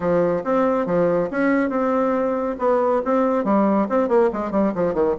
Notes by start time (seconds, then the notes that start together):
0.00 F3
0.44 C4
0.86 F3
1.31 C#4
1.69 C4
2.58 B3
3.04 C4
3.44 G3
3.89 C4
4.08 A#3
4.32 G#3
4.51 G3
4.74 F3
4.94 D#3